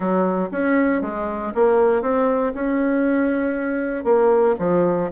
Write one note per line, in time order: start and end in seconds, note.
0.00 0.49 F#3
0.51 1.01 C#4
1.01 1.52 G#3
1.54 2.02 A#3
2.02 2.52 C4
2.54 4.04 C#4
4.04 4.55 A#3
4.59 5.09 F3